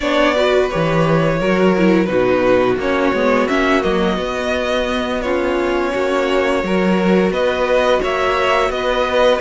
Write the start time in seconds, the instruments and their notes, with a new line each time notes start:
0.00 cello B3, viola D4, violin C#5 D5
0.34 viola F#4, violin B4
0.70 cello E3, viola G4, violin C#5
1.39 cello F#3, viola F#4, violin A#4
1.77 viola E4
2.05 cello B2, viola D#4, violin F#4 B4
2.77 cello A#3, viola C#4, violin C#5
3.13 cello G#3, viola B3
3.48 cello A#3, viola C#4, violin E5
3.81 cello F#3, viola A#3, violin D#5
4.16 cello B3, viola B3
5.21 viola C#4, violin F4 C#5
5.93 cello A#3, violin F#4
6.63 cello F#3, viola F#4, violin A#4
7.30 cello B3, violin B4 D#5
8.01 cello A#3, violin C#5 E5
8.69 cello B3, violin D#5
8.76 violin B4